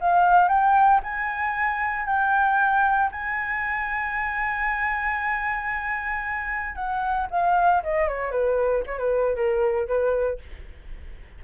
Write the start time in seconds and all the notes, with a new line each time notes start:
0.00 F5
0.48 G5
1.03 G#5
2.06 G5
3.11 G#5
6.75 F#5
7.30 F5
7.83 D#5
8.08 C#5
8.31 B4
8.86 C#5
8.98 B4
9.35 A#4
9.87 B4